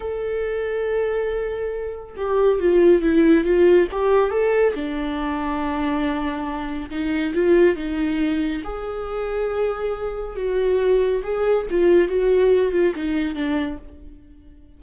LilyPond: \new Staff \with { instrumentName = "viola" } { \time 4/4 \tempo 4 = 139 a'1~ | a'4 g'4 f'4 e'4 | f'4 g'4 a'4 d'4~ | d'1 |
dis'4 f'4 dis'2 | gis'1 | fis'2 gis'4 f'4 | fis'4. f'8 dis'4 d'4 | }